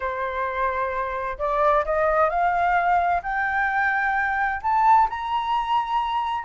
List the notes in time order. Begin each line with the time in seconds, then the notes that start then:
0.00 C5
1.38 D5
1.85 D#5
2.29 F5
3.22 G5
4.62 A5
5.09 A#5